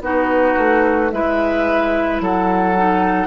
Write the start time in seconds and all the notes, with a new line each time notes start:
0.00 B3 D#4 F#4 B4
0.57 A3
1.10 G#3 E4 B4 E5
2.20 F#3 A4 F#5
2.76 D#4